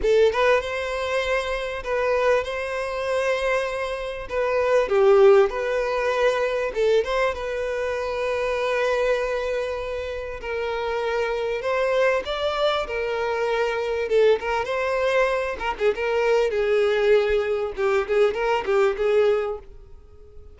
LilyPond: \new Staff \with { instrumentName = "violin" } { \time 4/4 \tempo 4 = 98 a'8 b'8 c''2 b'4 | c''2. b'4 | g'4 b'2 a'8 c''8 | b'1~ |
b'4 ais'2 c''4 | d''4 ais'2 a'8 ais'8 | c''4. ais'16 gis'16 ais'4 gis'4~ | gis'4 g'8 gis'8 ais'8 g'8 gis'4 | }